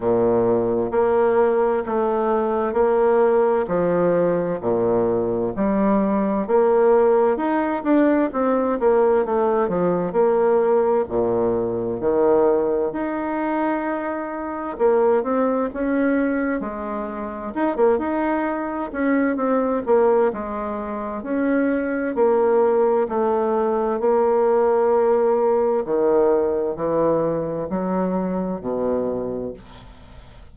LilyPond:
\new Staff \with { instrumentName = "bassoon" } { \time 4/4 \tempo 4 = 65 ais,4 ais4 a4 ais4 | f4 ais,4 g4 ais4 | dis'8 d'8 c'8 ais8 a8 f8 ais4 | ais,4 dis4 dis'2 |
ais8 c'8 cis'4 gis4 dis'16 ais16 dis'8~ | dis'8 cis'8 c'8 ais8 gis4 cis'4 | ais4 a4 ais2 | dis4 e4 fis4 b,4 | }